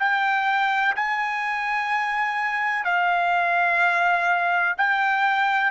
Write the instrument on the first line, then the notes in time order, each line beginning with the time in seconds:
trumpet
0.00 G5
0.96 G#5
2.84 F5
4.78 G5